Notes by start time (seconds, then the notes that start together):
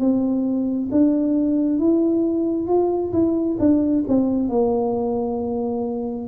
0.00 C4
0.92 D4
1.80 E4
2.68 F4
3.13 E4
3.60 D4
4.08 C4
4.49 A#3